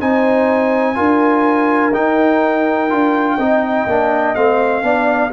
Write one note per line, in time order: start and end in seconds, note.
0.00 0.98 C4
0.00 0.95 D#4
0.00 0.97 C5
0.00 1.94 G#5
0.95 1.94 D4
0.95 1.92 F4
0.95 3.37 A#4
1.93 2.90 D#4
1.93 2.91 D#4
1.93 4.35 G5
2.90 3.38 D4
2.90 3.38 F4
3.37 3.86 C4
3.37 3.88 D#4
3.37 4.83 D#5
3.86 4.35 A#3
3.86 4.36 D4
4.35 4.83 A3
4.35 4.82 C4
4.35 5.31 F5
4.82 5.31 B3
4.82 5.31 D4
4.82 5.33 D5